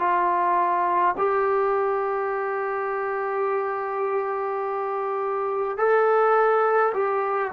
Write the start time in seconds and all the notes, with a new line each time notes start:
0.00 F4
1.18 G4
5.78 A4
6.94 G4